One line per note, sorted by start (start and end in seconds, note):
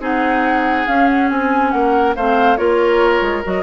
0.00 0.86 C4
0.00 0.86 D#4
0.00 1.72 G#4
0.00 0.87 F#5
0.87 1.30 C#4
0.87 2.17 C#4
0.87 1.07 F5
1.07 1.29 F#5
1.29 1.73 C4
1.29 1.71 G#5
1.71 2.16 A#3
1.71 2.16 A#4
1.71 2.14 F#5
2.16 2.58 A3
2.16 2.57 C4
2.16 2.58 C5
2.16 2.57 F5
2.57 3.22 A#3
2.57 3.43 F4
2.57 3.63 A#4
2.57 3.43 C#5
3.22 3.43 G#3
3.44 3.63 F#3
3.44 3.63 F#4
3.44 3.63 D#5